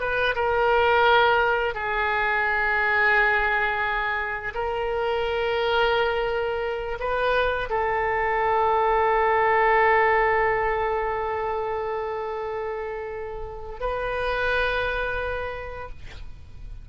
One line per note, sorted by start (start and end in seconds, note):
0.00 0.35 B4
0.35 1.74 A#4
1.74 4.53 G#4
4.54 6.98 A#4
6.99 7.69 B4
7.69 13.80 A4
13.80 15.89 B4